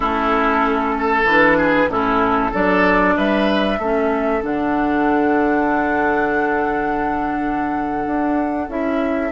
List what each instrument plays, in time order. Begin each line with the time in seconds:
0.00 bassoon A3, clarinet C#4, oboe E4, flute A4
0.98 oboe A4
1.23 bassoon E3, clarinet D4, flute B4
1.57 oboe G#4
1.89 bassoon A2, clarinet C#4, oboe E4, flute A4
2.51 bassoon F#3, clarinet D4, oboe A4, flute D5
3.16 bassoon G3, oboe B4, flute E5
3.78 bassoon A3, clarinet C#4, oboe A4
4.41 bassoon D3, clarinet D4, flute F#5
8.06 bassoon D4
8.68 bassoon C#4, clarinet E4, flute E5